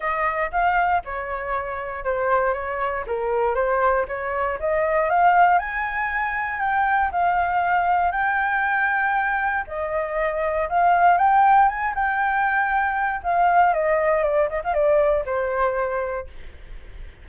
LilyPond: \new Staff \with { instrumentName = "flute" } { \time 4/4 \tempo 4 = 118 dis''4 f''4 cis''2 | c''4 cis''4 ais'4 c''4 | cis''4 dis''4 f''4 gis''4~ | gis''4 g''4 f''2 |
g''2. dis''4~ | dis''4 f''4 g''4 gis''8 g''8~ | g''2 f''4 dis''4 | d''8 dis''16 f''16 d''4 c''2 | }